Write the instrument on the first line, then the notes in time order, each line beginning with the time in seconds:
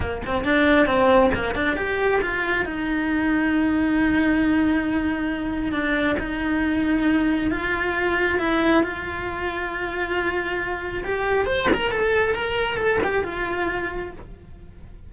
cello
0.00 A#3
0.25 C4
0.44 D4
0.86 C4
1.34 A#3
1.54 D4
1.76 G4
2.21 F4
2.65 D#4
5.72 D4
6.19 D#4
7.51 F4
8.39 E4
8.83 F4
11.04 G4
11.45 C5
11.73 A#4
11.91 A4
12.34 A#4
12.77 A4
13.03 G4
13.24 F4